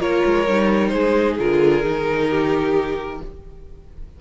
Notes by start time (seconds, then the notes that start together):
0.00 A#3 F4 A#4 C#5
0.26 G#3
0.48 G3 D#4
0.89 G#3 G#4 C5
1.39 D3 F4 A#4
1.83 D#3 D#4
2.30 G4